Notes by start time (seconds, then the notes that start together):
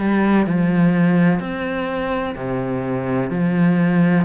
0.00 G3
0.47 F3
1.40 C4
2.35 C3
3.30 F3